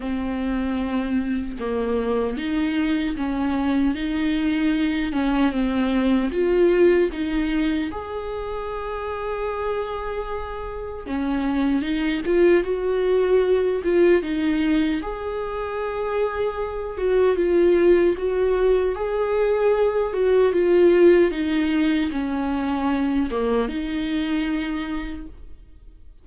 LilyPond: \new Staff \with { instrumentName = "viola" } { \time 4/4 \tempo 4 = 76 c'2 ais4 dis'4 | cis'4 dis'4. cis'8 c'4 | f'4 dis'4 gis'2~ | gis'2 cis'4 dis'8 f'8 |
fis'4. f'8 dis'4 gis'4~ | gis'4. fis'8 f'4 fis'4 | gis'4. fis'8 f'4 dis'4 | cis'4. ais8 dis'2 | }